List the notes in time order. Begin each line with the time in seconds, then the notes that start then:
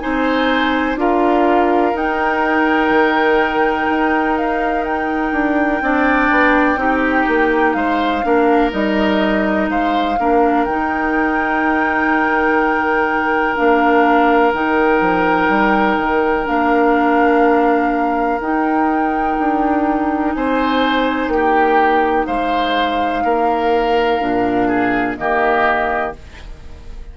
0.00 C4 D#4 C5 G#5
0.96 D4 F4 A#4 F5
1.94 D#4 G5
2.91 D#3
3.91 D#4
4.38 F5
4.85 G5
5.33 D4
5.82 C4 D4 D5
6.31 B3
6.77 C4 D#4 G4
7.28 A#3
7.74 G#3 C5 F5
8.23 A#3 D4 A#4
8.71 G3 D#4 D#5
9.70 G#3 C5 F5
10.19 A#3 D4 A#4
10.66 D#3 D#4 G5
13.56 A#3 D4 F5
14.54 D#3 D#4 G5
15.01 F3
15.49 G3
15.98 D#3
16.45 A#3 D4 F5
18.40 D#4 G5
19.40 D4
20.33 C4 C5 G#5
21.28 A#3 G4 G5
22.26 G#3 C5 F5
23.24 A#3 A#4
24.21 A#2 D4
24.68 G#4
25.16 D#3 A#3 G4 D#5